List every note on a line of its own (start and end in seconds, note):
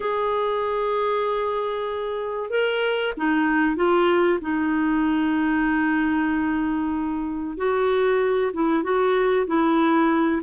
0.00 2.49 G#4
2.49 3.13 A#4
3.17 3.76 D#4
3.76 4.39 F4
4.41 7.57 D#4
7.57 8.51 F#4
8.53 8.83 E4
8.83 9.46 F#4
9.47 10.41 E4